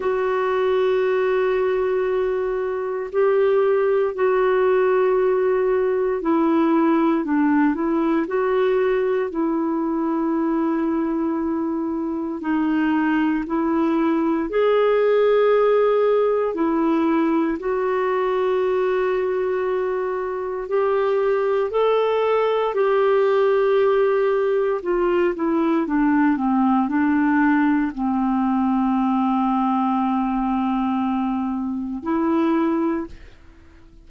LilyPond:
\new Staff \with { instrumentName = "clarinet" } { \time 4/4 \tempo 4 = 58 fis'2. g'4 | fis'2 e'4 d'8 e'8 | fis'4 e'2. | dis'4 e'4 gis'2 |
e'4 fis'2. | g'4 a'4 g'2 | f'8 e'8 d'8 c'8 d'4 c'4~ | c'2. e'4 | }